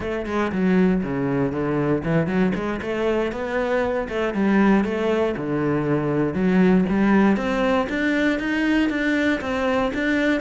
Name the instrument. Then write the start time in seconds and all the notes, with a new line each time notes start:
cello
0.00 A3
0.26 G#3
0.52 F#3
1.03 C#3
1.52 D3
2.04 E3
2.26 F#3
2.54 G#3
2.81 A3
3.31 B3
4.08 A3
4.34 G3
4.84 A3
5.36 D3
6.34 F#3
6.89 G3
7.36 C4
7.89 D4
8.39 D#4
8.89 D4
9.41 C4
9.94 D4